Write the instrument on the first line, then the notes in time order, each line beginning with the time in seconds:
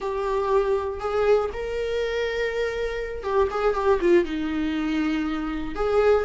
viola
0.00 G4
1.00 G#4
1.52 A#4
3.23 G4
3.50 G#4
3.74 G4
4.00 F4
4.24 D#4
5.75 G#4